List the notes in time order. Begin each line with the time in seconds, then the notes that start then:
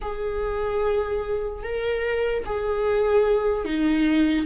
0.01 G#4
1.63 A#4
2.45 G#4
3.64 D#4